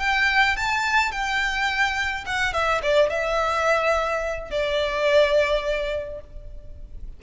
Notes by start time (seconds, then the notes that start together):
0.00 G5
0.56 A5
1.12 G5
2.26 F#5
2.53 E5
2.83 D5
3.10 E5
4.51 D5